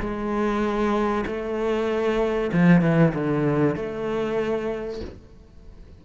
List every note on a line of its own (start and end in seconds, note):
0.00 1.25 G#3
1.26 2.51 A3
2.53 2.82 F3
2.82 3.13 E3
3.14 3.76 D3
3.76 5.01 A3